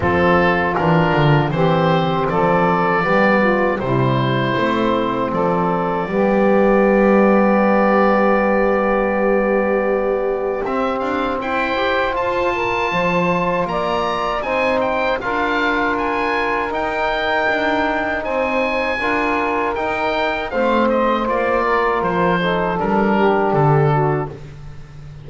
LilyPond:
<<
  \new Staff \with { instrumentName = "oboe" } { \time 4/4 \tempo 4 = 79 a'4 ais'4 c''4 d''4~ | d''4 c''2 d''4~ | d''1~ | d''2 e''8 f''8 g''4 |
a''2 ais''4 gis''8 g''8 | f''4 gis''4 g''2 | gis''2 g''4 f''8 dis''8 | d''4 c''4 ais'4 a'4 | }
  \new Staff \with { instrumentName = "saxophone" } { \time 4/4 f'2 g'4 a'4 | g'8 f'8 e'2 a'4 | g'1~ | g'2. c''4~ |
c''8 ais'8 c''4 d''4 c''4 | ais'1 | c''4 ais'2 c''4~ | c''8 ais'4 a'4 g'4 fis'8 | }
  \new Staff \with { instrumentName = "trombone" } { \time 4/4 c'4 d'4 c'2 | b4 g4 c'2 | b1~ | b2 c'4. g'8 |
f'2. dis'4 | f'2 dis'2~ | dis'4 f'4 dis'4 c'4 | f'4. dis'8 d'2 | }
  \new Staff \with { instrumentName = "double bass" } { \time 4/4 f4 e8 d8 e4 f4 | g4 c4 a4 f4 | g1~ | g2 c'8 d'8 e'4 |
f'4 f4 ais4 c'4 | d'2 dis'4 d'4 | c'4 d'4 dis'4 a4 | ais4 f4 g4 d4 | }
>>